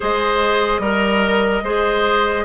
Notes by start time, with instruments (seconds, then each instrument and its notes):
0.00 bassoon G#3, clarinet G#4, oboe C5, flute D#5
0.78 bassoon G3, oboe A#4, clarinet A#4
1.62 bassoon G#3, clarinet G#4, oboe C5